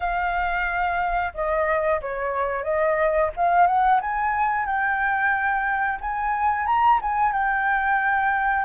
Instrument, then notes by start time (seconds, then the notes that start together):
flute
0.00 F5
1.34 D#5
2.01 C#5
2.63 D#5
3.36 F5
3.67 F#5
4.01 G#5
4.65 G5
6.00 G#5
6.66 A#5
7.01 G#5
7.32 G5